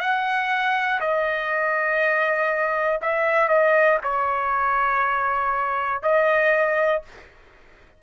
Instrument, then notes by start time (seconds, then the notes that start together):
trumpet
0.00 F#5
1.00 D#5
3.01 E5
3.49 D#5
4.03 C#5
6.02 D#5